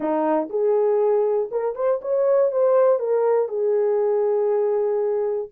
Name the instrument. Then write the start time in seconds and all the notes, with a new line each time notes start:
horn
0.00 D#4
0.49 G#4
1.51 A#4
1.75 C5
2.01 C#5
2.51 C5
2.99 A#4
3.48 G#4